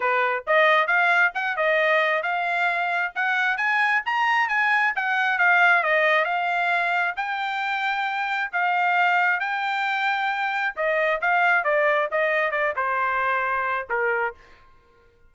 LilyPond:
\new Staff \with { instrumentName = "trumpet" } { \time 4/4 \tempo 4 = 134 b'4 dis''4 f''4 fis''8 dis''8~ | dis''4 f''2 fis''4 | gis''4 ais''4 gis''4 fis''4 | f''4 dis''4 f''2 |
g''2. f''4~ | f''4 g''2. | dis''4 f''4 d''4 dis''4 | d''8 c''2~ c''8 ais'4 | }